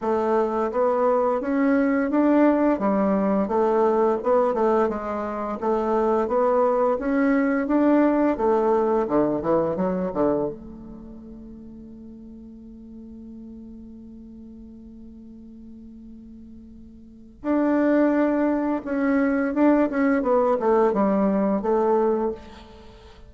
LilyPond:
\new Staff \with { instrumentName = "bassoon" } { \time 4/4 \tempo 4 = 86 a4 b4 cis'4 d'4 | g4 a4 b8 a8 gis4 | a4 b4 cis'4 d'4 | a4 d8 e8 fis8 d8 a4~ |
a1~ | a1~ | a4 d'2 cis'4 | d'8 cis'8 b8 a8 g4 a4 | }